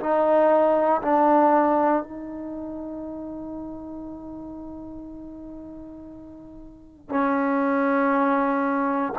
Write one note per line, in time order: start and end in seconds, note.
0.00 1.02 D#4
1.02 2.03 D4
2.03 7.10 D#4
7.10 9.13 C#4